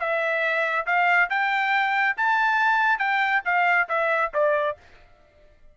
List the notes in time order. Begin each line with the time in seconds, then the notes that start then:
0.00 E5
0.87 F5
1.30 G5
2.17 A5
2.99 G5
3.45 F5
3.89 E5
4.34 D5